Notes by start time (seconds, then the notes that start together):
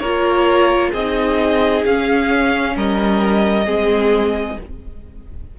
0.00 A#3 F4 A#4 C#5
0.91 C4 G#4 D#5
0.98 D#4
1.86 C#4 F5
2.76 G3 A#4 D#5
3.66 G#3 C4 G#4